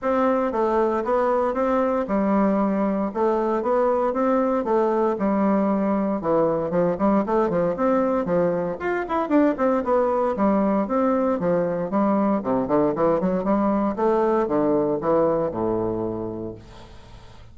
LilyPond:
\new Staff \with { instrumentName = "bassoon" } { \time 4/4 \tempo 4 = 116 c'4 a4 b4 c'4 | g2 a4 b4 | c'4 a4 g2 | e4 f8 g8 a8 f8 c'4 |
f4 f'8 e'8 d'8 c'8 b4 | g4 c'4 f4 g4 | c8 d8 e8 fis8 g4 a4 | d4 e4 a,2 | }